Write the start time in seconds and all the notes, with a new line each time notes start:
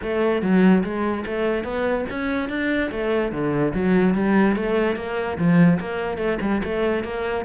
0.02 A3
0.42 F#3
0.83 G#3
1.26 A3
1.63 B3
2.10 C#4
2.49 D4
2.91 A3
3.31 D3
3.74 F#3
4.14 G3
4.55 A3
4.96 A#3
5.38 F3
5.80 A#3
6.17 A3
6.41 G3
6.64 A3
7.04 A#3